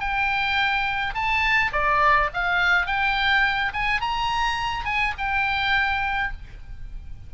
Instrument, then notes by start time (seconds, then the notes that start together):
oboe
0.00 G5
1.15 A5
1.72 D5
2.34 F5
2.87 G5
3.73 G#5
4.01 A#5
4.85 G#5
5.18 G5